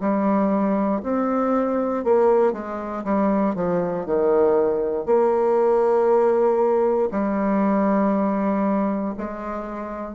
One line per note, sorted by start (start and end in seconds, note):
0.00 1.02 G3
1.03 2.04 C4
2.04 2.53 A#3
2.53 3.04 G#3
3.04 3.55 G3
3.55 4.06 F3
4.06 5.06 D#3
5.06 7.09 A#3
7.11 9.15 G3
9.18 10.15 G#3